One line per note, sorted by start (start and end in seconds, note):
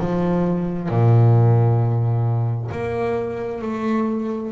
0.00 0.89 F3
0.89 2.71 A#2
2.72 3.62 A#3
3.62 4.52 A3